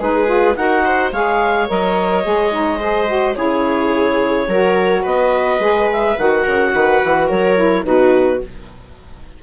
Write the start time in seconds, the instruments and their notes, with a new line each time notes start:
0.00 bassoon G#3, saxophone D#4, viola G#4, clarinet B4
0.27 saxophone F4
0.56 bassoon D#4, saxophone F#4, viola A#4, clarinet F#5
0.85 viola C5
1.12 bassoon G#3, saxophone G#4, viola C#5, clarinet F5
1.68 bassoon F#3, saxophone A#4, clarinet D#5
2.24 bassoon G#3, saxophone G#4
2.52 saxophone D#4
2.80 saxophone G#4, viola C5
3.08 saxophone F#4
3.35 bassoon C#3, saxophone E4, viola G#4, clarinet C#5
4.48 bassoon F#3, saxophone F#4, viola A#4
5.03 bassoon B3, viola B4, clarinet D#5
5.59 bassoon G#3, saxophone G#4
5.92 clarinet E5
6.18 bassoon D#3, saxophone F#4, clarinet F#5
6.43 bassoon C#3, viola A#4
6.74 bassoon D#3, viola B4
7.04 bassoon E3
7.28 bassoon F#3, viola A#4, clarinet C#5
7.56 saxophone E4
7.84 bassoon B2, saxophone D#4, viola F#4, clarinet B4